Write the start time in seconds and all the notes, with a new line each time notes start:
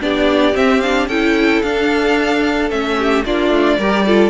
0.00 B3 D4 G4 D5
0.53 C4 E5
0.81 D4 F5
1.08 C#4 E4 A4 G5
1.62 D4 F5
2.70 A3 C#4 E5
2.98 G4
3.26 A#3 D4 F4 D5
3.50 A3
3.78 G3 G4 A#4
4.06 F4 A4